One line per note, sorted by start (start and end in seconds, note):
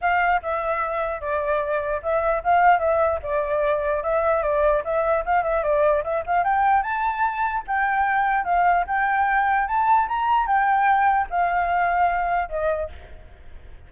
0.01 0.41 F5
0.42 1.20 E5
1.20 2.01 D5
2.02 2.42 E5
2.43 2.79 F5
2.79 3.19 E5
3.22 4.03 D5
4.03 4.43 E5
4.43 4.83 D5
4.84 5.24 E5
5.25 5.43 F5
5.43 5.63 E5
5.63 6.03 D5
6.03 6.24 E5
6.26 6.44 F5
6.44 6.82 G5
6.82 7.63 A5
7.67 8.44 G5
8.44 8.84 F5
8.87 9.67 G5
9.67 10.07 A5
10.08 10.46 A#5
10.46 11.27 G5
11.30 12.49 F5
12.49 12.89 D#5